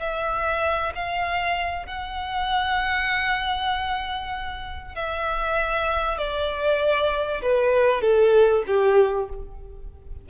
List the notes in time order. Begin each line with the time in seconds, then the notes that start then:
0.00 E5
0.95 F5
1.86 F#5
4.95 E5
6.18 D5
7.42 B4
8.02 A4
8.67 G4